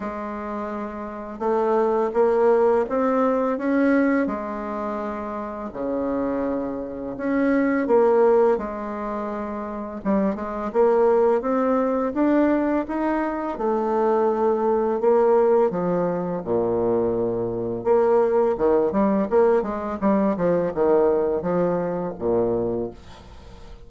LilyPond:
\new Staff \with { instrumentName = "bassoon" } { \time 4/4 \tempo 4 = 84 gis2 a4 ais4 | c'4 cis'4 gis2 | cis2 cis'4 ais4 | gis2 g8 gis8 ais4 |
c'4 d'4 dis'4 a4~ | a4 ais4 f4 ais,4~ | ais,4 ais4 dis8 g8 ais8 gis8 | g8 f8 dis4 f4 ais,4 | }